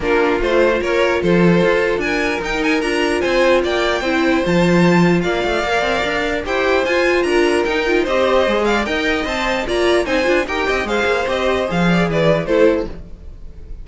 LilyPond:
<<
  \new Staff \with { instrumentName = "violin" } { \time 4/4 \tempo 4 = 149 ais'4 c''4 cis''4 c''4~ | c''4 gis''4 g''8 gis''8 ais''4 | gis''4 g''2 a''4~ | a''4 f''2. |
g''4 gis''4 ais''4 g''4 | dis''4. f''8 g''4 a''4 | ais''4 gis''4 g''4 f''4 | dis''4 f''4 d''4 c''4 | }
  \new Staff \with { instrumentName = "violin" } { \time 4/4 f'2 ais'4 a'4~ | a'4 ais'2. | c''4 d''4 c''2~ | c''4 d''2. |
c''2 ais'2 | c''4. d''8 dis''2 | d''4 c''4 ais'8 dis''8 c''4~ | c''4. d''8 b'4 a'4 | }
  \new Staff \with { instrumentName = "viola" } { \time 4/4 d'4 f'2.~ | f'2 dis'4 f'4~ | f'2 e'4 f'4~ | f'2 ais'2 |
g'4 f'2 dis'8 f'8 | g'4 gis'4 ais'4 c''4 | f'4 dis'8 f'8 g'4 gis'4 | g'4 gis'2 e'4 | }
  \new Staff \with { instrumentName = "cello" } { \time 4/4 ais4 a4 ais4 f4 | f'4 d'4 dis'4 d'4 | c'4 ais4 c'4 f4~ | f4 ais8 a8 ais8 c'8 d'4 |
e'4 f'4 d'4 dis'4 | c'4 gis4 dis'4 c'4 | ais4 c'8 d'8 dis'8 c'8 gis8 ais8 | c'4 f4 e4 a4 | }
>>